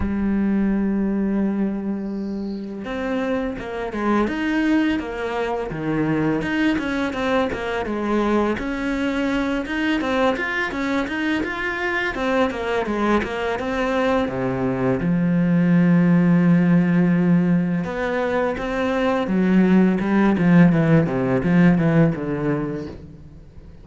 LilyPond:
\new Staff \with { instrumentName = "cello" } { \time 4/4 \tempo 4 = 84 g1 | c'4 ais8 gis8 dis'4 ais4 | dis4 dis'8 cis'8 c'8 ais8 gis4 | cis'4. dis'8 c'8 f'8 cis'8 dis'8 |
f'4 c'8 ais8 gis8 ais8 c'4 | c4 f2.~ | f4 b4 c'4 fis4 | g8 f8 e8 c8 f8 e8 d4 | }